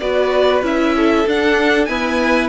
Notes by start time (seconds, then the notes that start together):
0.00 B3 F#4 B4 D5
0.62 C#4 E4 E5
0.96 A4
1.27 D4 F#5
1.86 B3 E4 B4 G#5